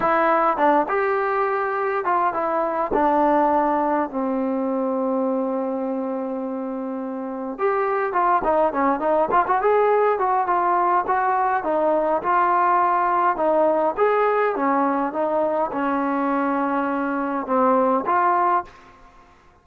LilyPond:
\new Staff \with { instrumentName = "trombone" } { \time 4/4 \tempo 4 = 103 e'4 d'8 g'2 f'8 | e'4 d'2 c'4~ | c'1~ | c'4 g'4 f'8 dis'8 cis'8 dis'8 |
f'16 fis'16 gis'4 fis'8 f'4 fis'4 | dis'4 f'2 dis'4 | gis'4 cis'4 dis'4 cis'4~ | cis'2 c'4 f'4 | }